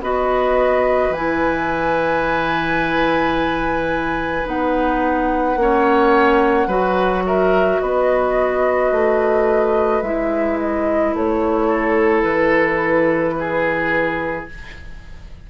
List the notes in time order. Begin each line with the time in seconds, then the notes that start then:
0.00 B3 F#4 B4 D#5
1.09 E3 E4 G#5
4.45 B3 D#4 F#5
5.55 A#3 C#4 C#5
6.67 F#3 F#4 B4
7.25 A#4 E5
7.80 B3 B4 D#5
8.91 A3
10.01 G#3 E4 E5
10.59 D#5
11.13 A3 C#5
11.67 A4
12.23 E3 B4
13.38 G#4